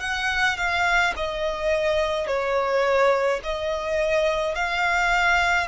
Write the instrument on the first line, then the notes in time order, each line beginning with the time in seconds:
violin
0.00 F#5
0.57 F5
1.16 D#5
2.26 C#5
3.43 D#5
4.55 F5